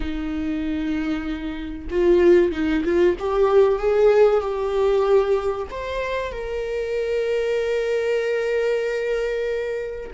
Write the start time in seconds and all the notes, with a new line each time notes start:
0.00 D#4
1.90 F4
2.51 D#4
2.84 F4
3.19 G4
3.79 G#4
4.40 G4
5.70 C5
6.32 A#4